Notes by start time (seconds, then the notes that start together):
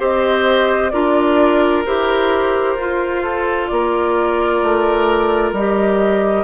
0.00 C4 G4 C5 D#5
0.91 D4 F4 A#4 D5
1.86 E4 G4 C5
2.76 F4
3.23 A4
3.67 A#3 D5
3.73 A#4
4.63 A3
5.53 G3 G4 D#5